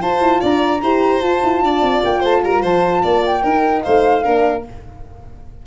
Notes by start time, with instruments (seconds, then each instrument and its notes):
0.00 horn F4, tuba F4, violin C5, flute A5
0.20 tuba E4
0.40 tuba D4, violin D5, flute A#5
0.82 tuba E4, horn G4, violin C5
1.21 tuba F4, horn F4, flute A5
1.43 tuba E4
1.62 tuba D4, violin D5
1.82 tuba C4
2.04 tuba A#3, flute G5
2.20 tuba A3, violin C5, flute A5
2.43 tuba G3, violin A#4, flute A#5
2.62 tuba F3, violin C5, flute A5
3.03 tuba A#3, violin D5
3.26 flute G5
3.42 tuba D#4, horn D#4, violin A#4
3.82 tuba A3, violin C5, flute F5
4.23 tuba A#3, horn D4, violin A#4